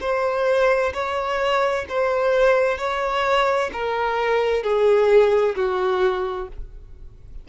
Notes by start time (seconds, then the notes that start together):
0.00 C5
0.93 C#5
1.88 C5
2.78 C#5
3.72 A#4
4.63 G#4
5.56 F#4